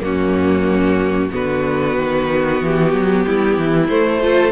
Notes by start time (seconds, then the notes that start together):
0.00 F#2 A#3 C#4 F#4
1.31 D3 B3 F#4 B4
1.98 D#3
2.62 E3 G4
2.93 F#3
3.27 G3 E4
3.58 E3
3.88 A3 C5
4.22 F4 A4